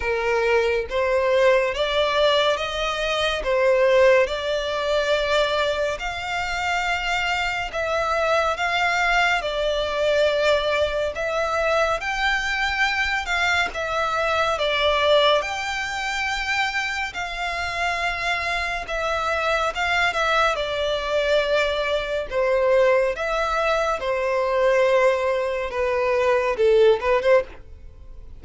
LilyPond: \new Staff \with { instrumentName = "violin" } { \time 4/4 \tempo 4 = 70 ais'4 c''4 d''4 dis''4 | c''4 d''2 f''4~ | f''4 e''4 f''4 d''4~ | d''4 e''4 g''4. f''8 |
e''4 d''4 g''2 | f''2 e''4 f''8 e''8 | d''2 c''4 e''4 | c''2 b'4 a'8 b'16 c''16 | }